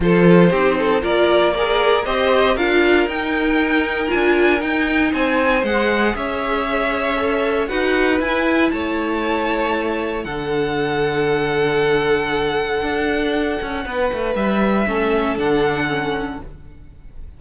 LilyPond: <<
  \new Staff \with { instrumentName = "violin" } { \time 4/4 \tempo 4 = 117 c''2 d''4 ais'4 | dis''4 f''4 g''2 | gis''4 g''4 gis''4 fis''4 | e''2. fis''4 |
gis''4 a''2. | fis''1~ | fis''1 | e''2 fis''2 | }
  \new Staff \with { instrumentName = "violin" } { \time 4/4 a'4 g'8 a'8 ais'4 d''4 | c''4 ais'2.~ | ais'2 c''2 | cis''2. b'4~ |
b'4 cis''2. | a'1~ | a'2. b'4~ | b'4 a'2. | }
  \new Staff \with { instrumentName = "viola" } { \time 4/4 f'4 dis'4 f'4 gis'4 | g'4 f'4 dis'2 | f'4 dis'2 gis'4~ | gis'2 a'4 fis'4 |
e'1 | d'1~ | d'1~ | d'4 cis'4 d'4 cis'4 | }
  \new Staff \with { instrumentName = "cello" } { \time 4/4 f4 c'4 ais2 | c'4 d'4 dis'2 | d'4 dis'4 c'4 gis4 | cis'2. dis'4 |
e'4 a2. | d1~ | d4 d'4. cis'8 b8 a8 | g4 a4 d2 | }
>>